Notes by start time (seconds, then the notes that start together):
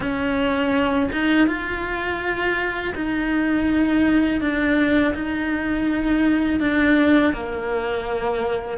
0.00 C#4
1.11 D#4
1.47 F4
2.95 D#4
4.40 D4
5.14 D#4
6.60 D4
7.33 A#3